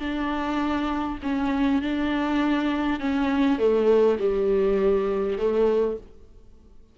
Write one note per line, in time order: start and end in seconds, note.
0.00 1.19 D4
1.23 1.82 C#4
1.82 3.00 D4
3.00 3.59 C#4
3.59 4.19 A3
4.19 5.38 G3
5.38 5.98 A3